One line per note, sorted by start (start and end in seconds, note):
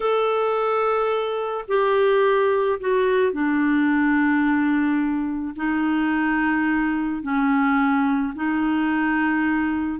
0.00 1.64 A4
1.68 2.79 G4
2.80 3.32 F#4
3.32 5.54 D4
5.56 7.22 D#4
7.22 8.33 C#4
8.35 9.99 D#4